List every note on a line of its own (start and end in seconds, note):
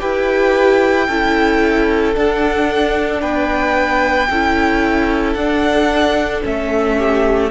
0.00 1.08 E4
0.00 1.07 G4
0.00 1.07 B4
0.00 2.14 G5
1.07 2.15 C#4
1.07 2.15 E4
1.07 3.22 A4
2.15 4.29 D4
2.15 3.22 D4
2.15 3.22 F#5
3.22 4.29 B3
3.22 4.29 B4
3.22 5.34 G5
4.30 5.35 C#4
4.30 5.38 E4
4.30 6.98 A4
5.34 6.42 D4
5.34 6.44 D4
5.34 6.41 F#5
6.44 7.51 A3
6.44 7.51 C#4
6.44 7.51 E5
6.98 7.51 G4